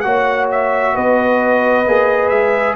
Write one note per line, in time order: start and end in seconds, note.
0.00 0.95 A#3
0.00 1.85 F#4
0.00 0.94 C#5
0.00 0.45 F#5
0.51 0.96 E5
0.94 1.86 B3
0.94 2.75 B4
0.94 2.28 D#5
1.86 2.31 A#3
1.86 2.75 G#4
2.28 2.75 G#3
2.28 2.74 E5